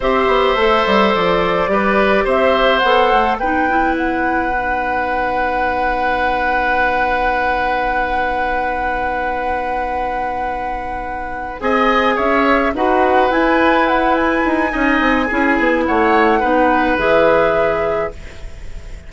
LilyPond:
<<
  \new Staff \with { instrumentName = "flute" } { \time 4/4 \tempo 4 = 106 e''2 d''2 | e''4 fis''4 g''4 fis''4~ | fis''1~ | fis''1~ |
fis''1~ | fis''8 gis''4 e''4 fis''4 gis''8~ | gis''8 fis''8 gis''2. | fis''2 e''2 | }
  \new Staff \with { instrumentName = "oboe" } { \time 4/4 c''2. b'4 | c''2 b'2~ | b'1~ | b'1~ |
b'1~ | b'8 dis''4 cis''4 b'4.~ | b'2 dis''4 gis'4 | cis''4 b'2. | }
  \new Staff \with { instrumentName = "clarinet" } { \time 4/4 g'4 a'2 g'4~ | g'4 a'4 dis'8 e'4. | dis'1~ | dis'1~ |
dis'1~ | dis'8 gis'2 fis'4 e'8~ | e'2 dis'4 e'4~ | e'4 dis'4 gis'2 | }
  \new Staff \with { instrumentName = "bassoon" } { \time 4/4 c'8 b8 a8 g8 f4 g4 | c'4 b8 a8 b2~ | b1~ | b1~ |
b1~ | b8 c'4 cis'4 dis'4 e'8~ | e'4. dis'8 cis'8 c'8 cis'8 b8 | a4 b4 e2 | }
>>